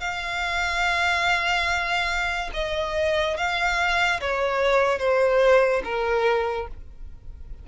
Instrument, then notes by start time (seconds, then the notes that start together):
violin
0.00 F5
2.53 D#5
3.36 F5
4.20 C#5
4.98 C5
5.84 A#4